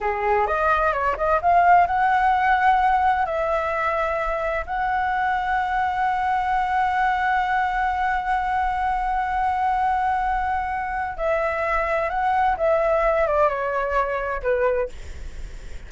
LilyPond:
\new Staff \with { instrumentName = "flute" } { \time 4/4 \tempo 4 = 129 gis'4 dis''4 cis''8 dis''8 f''4 | fis''2. e''4~ | e''2 fis''2~ | fis''1~ |
fis''1~ | fis''1 | e''2 fis''4 e''4~ | e''8 d''8 cis''2 b'4 | }